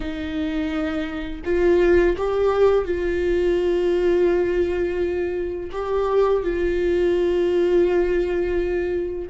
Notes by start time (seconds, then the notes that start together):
0.00 D#4
1.44 F4
2.17 G4
2.84 F4
5.71 G4
6.43 F4